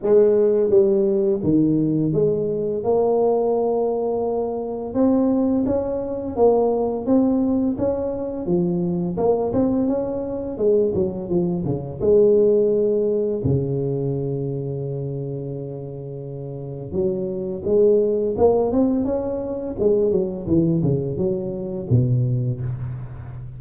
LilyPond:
\new Staff \with { instrumentName = "tuba" } { \time 4/4 \tempo 4 = 85 gis4 g4 dis4 gis4 | ais2. c'4 | cis'4 ais4 c'4 cis'4 | f4 ais8 c'8 cis'4 gis8 fis8 |
f8 cis8 gis2 cis4~ | cis1 | fis4 gis4 ais8 c'8 cis'4 | gis8 fis8 e8 cis8 fis4 b,4 | }